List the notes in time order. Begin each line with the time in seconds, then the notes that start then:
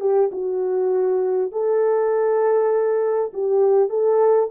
0.00 G4
0.32 F#4
1.51 A4
3.33 G4
3.89 A4